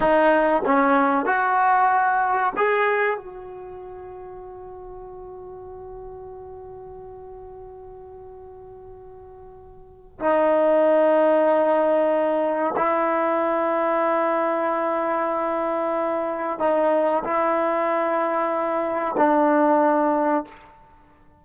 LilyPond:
\new Staff \with { instrumentName = "trombone" } { \time 4/4 \tempo 4 = 94 dis'4 cis'4 fis'2 | gis'4 fis'2.~ | fis'1~ | fis'1 |
dis'1 | e'1~ | e'2 dis'4 e'4~ | e'2 d'2 | }